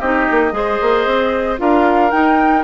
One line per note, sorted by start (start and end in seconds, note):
0.00 0.27 C4
0.00 0.51 D#4
0.00 0.53 G4
0.00 1.58 D#5
0.31 0.52 A#3
0.51 0.78 G#3
0.51 1.56 G#4
0.51 1.61 C5
0.81 1.06 A#3
1.06 1.59 C4
1.58 2.12 D4
1.58 2.11 F4
1.58 2.64 A#4
1.58 2.11 F5
2.11 2.64 D#4
2.11 2.64 G5